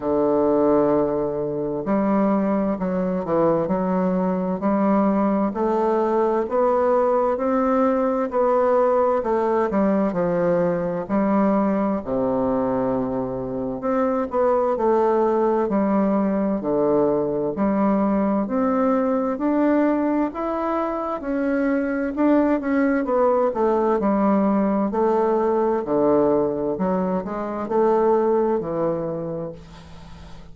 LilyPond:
\new Staff \with { instrumentName = "bassoon" } { \time 4/4 \tempo 4 = 65 d2 g4 fis8 e8 | fis4 g4 a4 b4 | c'4 b4 a8 g8 f4 | g4 c2 c'8 b8 |
a4 g4 d4 g4 | c'4 d'4 e'4 cis'4 | d'8 cis'8 b8 a8 g4 a4 | d4 fis8 gis8 a4 e4 | }